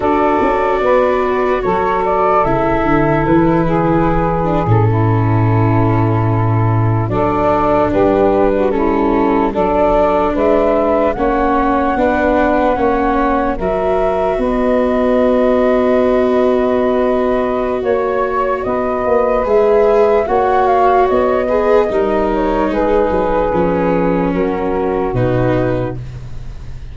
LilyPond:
<<
  \new Staff \with { instrumentName = "flute" } { \time 4/4 \tempo 4 = 74 d''2 cis''8 d''8 e''4 | b'4.~ b'16 a'2~ a'16~ | a'8. d''4 b'4 a'4 d''16~ | d''8. e''4 fis''2~ fis''16~ |
fis''8. e''4 dis''2~ dis''16~ | dis''2 cis''4 dis''4 | e''4 fis''8 f''8 dis''4. cis''8 | b'2 ais'4 b'4 | }
  \new Staff \with { instrumentName = "saxophone" } { \time 4/4 a'4 b'4 a'2~ | a'8 gis'4. e'2~ | e'8. a'4 g'8. fis'16 e'4 a'16~ | a'8. b'4 cis''4 b'4 cis''16~ |
cis''8. ais'4 b'2~ b'16~ | b'2 cis''4 b'4~ | b'4 cis''4. b'8 ais'4 | gis'2 fis'2 | }
  \new Staff \with { instrumentName = "viola" } { \time 4/4 fis'2. e'4~ | e'4. d'16 cis'2~ cis'16~ | cis'8. d'2 cis'4 d'16~ | d'4.~ d'16 cis'4 d'4 cis'16~ |
cis'8. fis'2.~ fis'16~ | fis'1 | gis'4 fis'4. gis'8 dis'4~ | dis'4 cis'2 dis'4 | }
  \new Staff \with { instrumentName = "tuba" } { \time 4/4 d'8 cis'8 b4 fis4 cis8 d8 | e4.~ e16 a,2~ a,16~ | a,8. fis4 g2 fis16~ | fis8. gis4 ais4 b4 ais16~ |
ais8. fis4 b2~ b16~ | b2 ais4 b8 ais8 | gis4 ais4 b4 g4 | gis8 fis8 f4 fis4 b,4 | }
>>